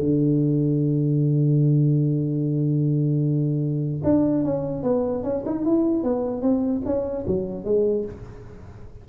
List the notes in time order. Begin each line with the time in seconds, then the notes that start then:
0.00 D3
4.05 D4
4.45 C#4
4.83 B3
5.24 C#4
5.46 D#4
5.66 E4
6.04 B3
6.42 C4
6.86 C#4
7.27 F#3
7.65 G#3